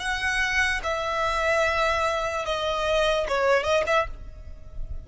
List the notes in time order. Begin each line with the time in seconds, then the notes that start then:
0.00 F#5
0.84 E5
2.46 D#5
3.29 C#5
3.64 D#5
3.87 E5